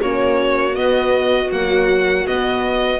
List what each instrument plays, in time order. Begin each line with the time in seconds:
0.00 double bass A#3, horn C#4, viola F#4, violin C#5
0.72 horn B3, double bass B3, violin D#5
1.52 horn F#3, double bass A#3, violin F#5
2.27 horn B3, double bass B3, violin D#5